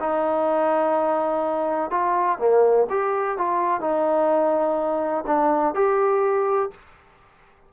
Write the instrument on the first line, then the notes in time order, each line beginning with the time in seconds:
trombone
0.00 D#4
1.91 F4
2.39 A#3
2.90 G4
3.38 F4
3.81 D#4
5.26 D4
5.75 G4